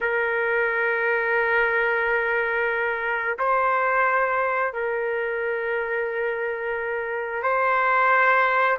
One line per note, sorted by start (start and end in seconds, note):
0.01 3.38 A#4
3.38 4.73 C5
4.73 7.42 A#4
7.42 8.77 C5